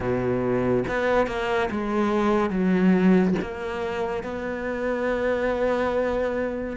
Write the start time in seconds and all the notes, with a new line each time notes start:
0.00 B2
0.88 B3
1.27 A#3
1.71 G#3
2.50 F#3
3.41 A#3
4.23 B3